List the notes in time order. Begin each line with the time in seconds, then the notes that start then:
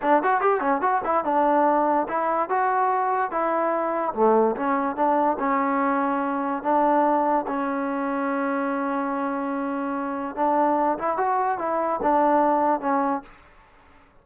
0.02 D4
0.22 F#4
0.40 G4
0.60 C#4
0.81 F#4
1.04 E4
1.24 D4
2.08 E4
2.49 F#4
3.31 E4
4.14 A3
4.56 C#4
4.96 D4
5.39 C#4
6.62 D4
7.47 C#4
10.35 D4
10.98 E4
11.17 F#4
11.58 E4
12.02 D4
12.80 C#4